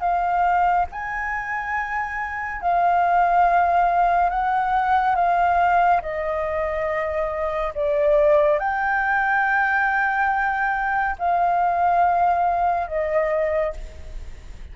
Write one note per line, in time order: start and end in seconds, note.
0.00 0.86 F5
0.92 2.61 G#5
2.61 4.30 F5
4.30 5.15 F#5
5.15 6.01 F5
6.02 7.73 D#5
7.75 8.59 D5
8.59 11.16 G5
11.19 12.87 F5
12.87 13.73 D#5